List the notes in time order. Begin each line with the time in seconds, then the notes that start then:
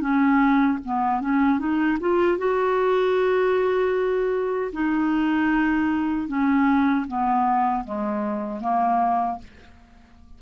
0.00 C#4
0.84 B3
1.20 C#4
1.59 D#4
2.00 F4
2.37 F#4
4.72 D#4
6.28 C#4
7.07 B3
7.84 G#3
8.60 A#3